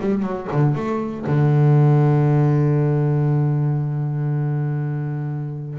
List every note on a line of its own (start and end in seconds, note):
0.00 0.22 G3
0.22 0.48 F#3
0.52 0.74 D3
0.74 1.25 A3
1.26 5.79 D3